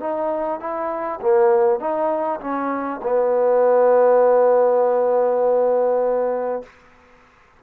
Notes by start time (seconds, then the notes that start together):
0.00 D#4
0.60 E4
1.22 A#3
1.80 D#4
2.41 C#4
3.03 B3